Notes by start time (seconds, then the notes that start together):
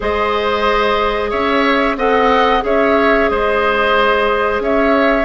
0.00 G#3 G#4 C5 D#5
1.30 C#4 C#5 E5
1.96 C4 A4 D#5 F#5
2.61 C#4 G#4 C#5 E5
3.29 G#3 C5 D#5
4.60 C#4 C#5 E5